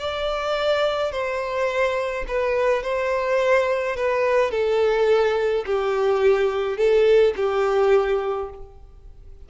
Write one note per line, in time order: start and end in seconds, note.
0.00 1.12 D5
1.12 2.25 C5
2.28 2.84 B4
2.84 3.96 C5
3.96 4.52 B4
4.52 5.65 A4
5.66 6.78 G4
6.78 7.34 A4
7.37 8.50 G4